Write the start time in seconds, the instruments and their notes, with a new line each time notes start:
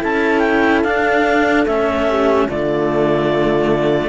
0.00 cello C#4 E4, horn A4, clarinet A5
0.39 clarinet G5
0.83 cello D4, clarinet F5
1.65 cello A3 C#4, clarinet E5
2.08 horn G4
2.47 cello D3 A3, horn F4, clarinet D5